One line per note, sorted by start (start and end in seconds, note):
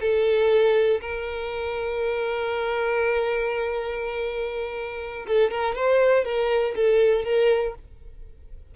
0.00 1.00 A4
1.01 5.26 A#4
5.27 5.51 A4
5.51 5.75 A#4
5.75 6.24 C5
6.24 6.74 A#4
6.75 7.24 A4
7.24 7.74 A#4